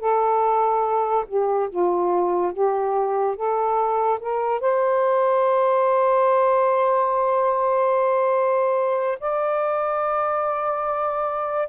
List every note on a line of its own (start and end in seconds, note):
0.00 1.25 A4
1.28 1.69 G4
1.70 2.53 F4
2.53 3.36 G4
3.36 4.19 A4
4.20 4.61 A#4
4.61 9.19 C5
9.20 11.69 D5